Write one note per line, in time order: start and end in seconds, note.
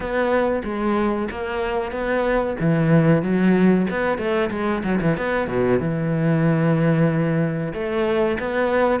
0.00 0.62 B3
0.64 1.28 G#3
1.30 1.91 A#3
1.91 2.56 B3
2.60 3.22 E3
3.22 3.87 F#3
3.90 4.18 B3
4.18 4.50 A3
4.50 4.82 G#3
4.83 4.99 F#3
5.01 5.17 E3
5.17 5.47 B3
5.47 5.79 B2
5.79 7.73 E3
7.73 8.38 A3
8.39 9.00 B3